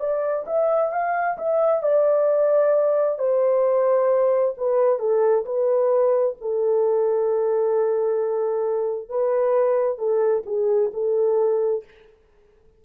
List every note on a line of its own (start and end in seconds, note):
0.00 0.45 D5
0.47 0.92 E5
0.92 1.38 F5
1.38 1.83 E5
1.83 3.19 D5
3.19 4.55 C5
4.57 4.99 B4
4.99 5.45 A4
5.45 6.36 B4
6.41 9.10 A4
9.10 9.98 B4
9.98 10.44 A4
10.46 10.91 G#4
10.93 11.84 A4